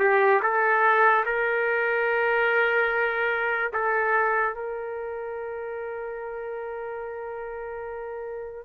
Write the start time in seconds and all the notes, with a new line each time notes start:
0.00 G4
0.43 A4
1.26 A#4
3.73 A4
4.55 A#4